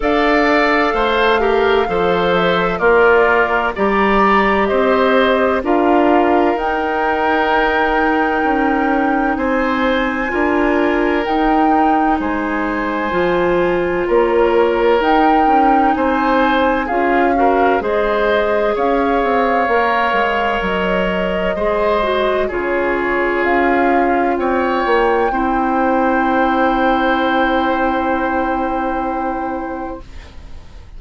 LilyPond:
<<
  \new Staff \with { instrumentName = "flute" } { \time 4/4 \tempo 4 = 64 f''2~ f''8 e''8 d''4 | ais''4 dis''4 f''4 g''4~ | g''2 gis''2 | g''4 gis''2 cis''4 |
g''4 gis''4 f''4 dis''4 | f''2 dis''2 | cis''4 f''4 g''2~ | g''1 | }
  \new Staff \with { instrumentName = "oboe" } { \time 4/4 d''4 c''8 ais'8 c''4 f'4 | d''4 c''4 ais'2~ | ais'2 c''4 ais'4~ | ais'4 c''2 ais'4~ |
ais'4 c''4 gis'8 ais'8 c''4 | cis''2. c''4 | gis'2 cis''4 c''4~ | c''1 | }
  \new Staff \with { instrumentName = "clarinet" } { \time 4/4 a'4. g'8 a'4 ais'4 | g'2 f'4 dis'4~ | dis'2. f'4 | dis'2 f'2 |
dis'2 f'8 fis'8 gis'4~ | gis'4 ais'2 gis'8 fis'8 | f'2. e'4~ | e'1 | }
  \new Staff \with { instrumentName = "bassoon" } { \time 4/4 d'4 a4 f4 ais4 | g4 c'4 d'4 dis'4~ | dis'4 cis'4 c'4 d'4 | dis'4 gis4 f4 ais4 |
dis'8 cis'8 c'4 cis'4 gis4 | cis'8 c'8 ais8 gis8 fis4 gis4 | cis4 cis'4 c'8 ais8 c'4~ | c'1 | }
>>